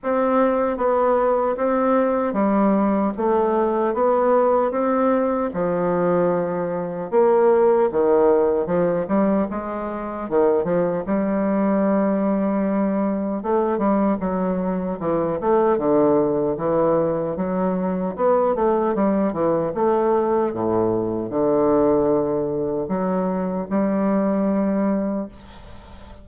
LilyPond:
\new Staff \with { instrumentName = "bassoon" } { \time 4/4 \tempo 4 = 76 c'4 b4 c'4 g4 | a4 b4 c'4 f4~ | f4 ais4 dis4 f8 g8 | gis4 dis8 f8 g2~ |
g4 a8 g8 fis4 e8 a8 | d4 e4 fis4 b8 a8 | g8 e8 a4 a,4 d4~ | d4 fis4 g2 | }